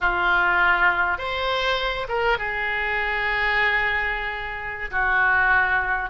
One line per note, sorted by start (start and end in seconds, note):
0.00 1.17 F4
1.17 2.07 C5
2.08 2.38 A#4
2.38 4.90 G#4
4.91 6.09 F#4